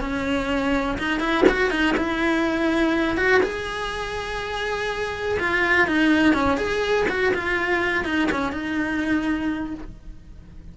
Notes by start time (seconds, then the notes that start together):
0.00 C#4
0.98 D#4
1.20 E4
1.49 F#4
1.70 D#4
1.97 E4
3.17 F#4
3.43 G#4
5.39 F4
5.87 D#4
6.33 C#4
6.57 G#4
7.09 F#4
7.34 F4
8.04 D#4
8.31 C#4
8.52 D#4